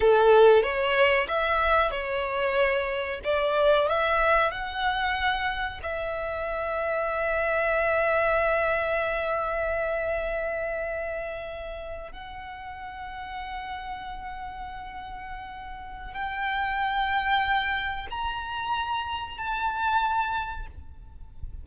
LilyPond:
\new Staff \with { instrumentName = "violin" } { \time 4/4 \tempo 4 = 93 a'4 cis''4 e''4 cis''4~ | cis''4 d''4 e''4 fis''4~ | fis''4 e''2.~ | e''1~ |
e''2~ e''8. fis''4~ fis''16~ | fis''1~ | fis''4 g''2. | ais''2 a''2 | }